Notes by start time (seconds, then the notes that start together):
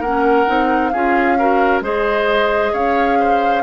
0.00 A#3 C#4 A#4 F#5
0.47 C4 D#4
0.89 C#4 F4 G#4 F5
1.39 F#4 A#4
1.81 G#3 G#4 C5 D#5
2.73 C#4 C#5 F5
3.20 C5